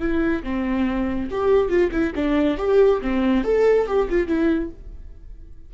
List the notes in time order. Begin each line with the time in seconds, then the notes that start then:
0.00 E4
0.44 C4
1.31 G4
1.70 F4
1.92 E4
2.15 D4
2.58 G4
3.02 C4
3.44 A4
3.87 G4
4.10 F4
4.28 E4